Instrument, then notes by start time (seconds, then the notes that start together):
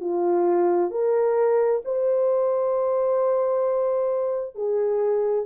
horn
0.00 F4
0.90 A#4
1.84 C5
4.55 G#4